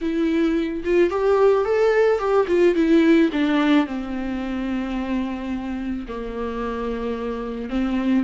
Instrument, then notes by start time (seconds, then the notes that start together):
viola
0.01 E4
0.84 F4
1.10 G4
1.64 A4
2.18 G4
2.47 F4
2.75 E4
3.32 D4
3.86 C4
6.08 A#3
7.69 C4